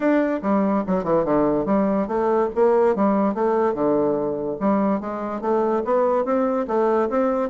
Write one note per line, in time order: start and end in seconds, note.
0.00 0.40 D4
0.42 0.84 G3
0.87 1.04 F#3
1.04 1.24 E3
1.24 1.65 D3
1.65 2.07 G3
2.07 2.49 A3
2.55 2.95 A#3
2.95 3.34 G3
3.34 3.74 A3
3.74 4.57 D3
4.60 5.00 G3
5.00 5.41 G#3
5.41 5.82 A3
5.84 6.24 B3
6.24 6.66 C4
6.67 7.09 A3
7.09 7.49 C4